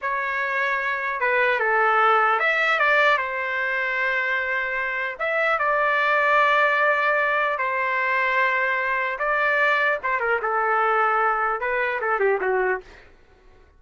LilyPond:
\new Staff \with { instrumentName = "trumpet" } { \time 4/4 \tempo 4 = 150 cis''2. b'4 | a'2 e''4 d''4 | c''1~ | c''4 e''4 d''2~ |
d''2. c''4~ | c''2. d''4~ | d''4 c''8 ais'8 a'2~ | a'4 b'4 a'8 g'8 fis'4 | }